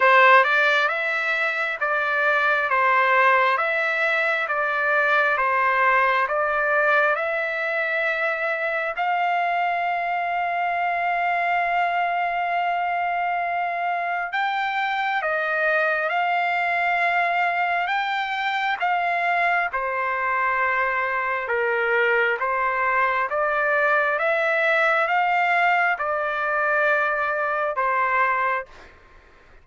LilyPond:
\new Staff \with { instrumentName = "trumpet" } { \time 4/4 \tempo 4 = 67 c''8 d''8 e''4 d''4 c''4 | e''4 d''4 c''4 d''4 | e''2 f''2~ | f''1 |
g''4 dis''4 f''2 | g''4 f''4 c''2 | ais'4 c''4 d''4 e''4 | f''4 d''2 c''4 | }